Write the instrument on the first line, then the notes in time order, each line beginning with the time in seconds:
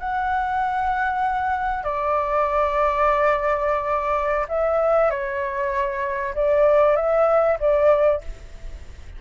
flute
0.00 F#5
1.84 D5
4.49 E5
5.11 C#5
6.35 D5
6.96 E5
7.60 D5